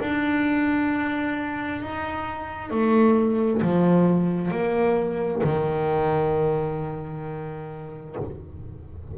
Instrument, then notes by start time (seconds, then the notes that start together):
double bass
0.00 D4
1.82 D#4
2.71 A3
3.62 F3
4.51 A#3
5.44 D#3